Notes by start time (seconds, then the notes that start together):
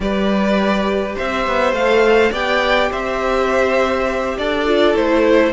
0.00 G3 G4 B4 D5
1.15 C4 C5 E5
1.47 B3
1.72 A3 A4 F5
2.31 B3 G4 D5 G5
2.90 C4 C5 E5
4.37 D4 A4 D5
4.65 F4
4.94 A3 E4 C5